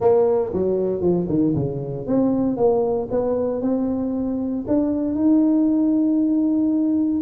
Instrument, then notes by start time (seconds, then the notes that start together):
tuba
0.00 A#3
0.53 F#3
1.01 F3
1.28 D#3
1.55 C#3
2.06 C4
2.56 A#3
3.10 B3
3.61 C4
4.67 D4
5.15 D#4